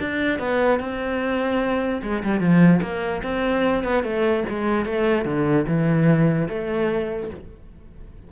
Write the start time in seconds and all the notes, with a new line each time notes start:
0.00 D4
0.39 B3
0.80 C4
2.03 G#3
2.24 G3
2.40 F3
2.82 A#3
3.23 C4
3.84 B3
4.03 A3
4.49 G#3
4.85 A3
5.25 D3
5.67 E3
6.49 A3